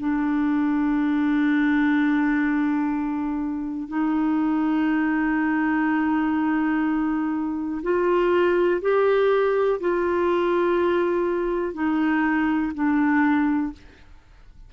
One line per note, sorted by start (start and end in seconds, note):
0.00 3.89 D4
3.89 7.82 D#4
7.83 8.82 F4
8.82 9.80 G4
9.80 11.75 F4
11.75 12.73 D#4
12.75 13.73 D4